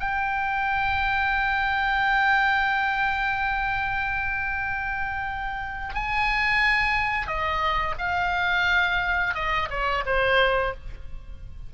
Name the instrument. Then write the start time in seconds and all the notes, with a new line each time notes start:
oboe
0.00 G5
5.95 G#5
7.27 D#5
7.99 F5
9.35 D#5
9.71 C#5
10.06 C5